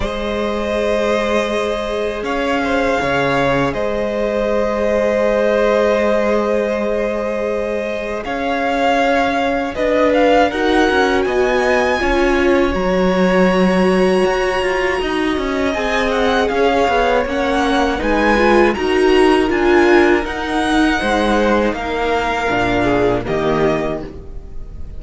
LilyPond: <<
  \new Staff \with { instrumentName = "violin" } { \time 4/4 \tempo 4 = 80 dis''2. f''4~ | f''4 dis''2.~ | dis''2. f''4~ | f''4 dis''8 f''8 fis''4 gis''4~ |
gis''4 ais''2.~ | ais''4 gis''8 fis''8 f''4 fis''4 | gis''4 ais''4 gis''4 fis''4~ | fis''4 f''2 dis''4 | }
  \new Staff \with { instrumentName = "violin" } { \time 4/4 c''2. cis''8 c''8 | cis''4 c''2.~ | c''2. cis''4~ | cis''4 b'4 ais'4 dis''4 |
cis''1 | dis''2 cis''2 | b'4 ais'2. | c''4 ais'4. gis'8 g'4 | }
  \new Staff \with { instrumentName = "viola" } { \time 4/4 gis'1~ | gis'1~ | gis'1~ | gis'2 fis'2 |
f'4 fis'2.~ | fis'4 gis'2 cis'4 | dis'8 f'8 fis'4 f'4 dis'4~ | dis'2 d'4 ais4 | }
  \new Staff \with { instrumentName = "cello" } { \time 4/4 gis2. cis'4 | cis4 gis2.~ | gis2. cis'4~ | cis'4 d'4 dis'8 cis'8 b4 |
cis'4 fis2 fis'8 f'8 | dis'8 cis'8 c'4 cis'8 b8 ais4 | gis4 dis'4 d'4 dis'4 | gis4 ais4 ais,4 dis4 | }
>>